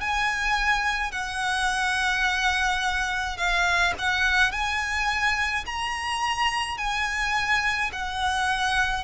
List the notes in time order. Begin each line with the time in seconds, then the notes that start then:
0.00 G#5
1.11 F#5
3.37 F5
3.98 F#5
4.51 G#5
5.66 A#5
6.77 G#5
7.92 F#5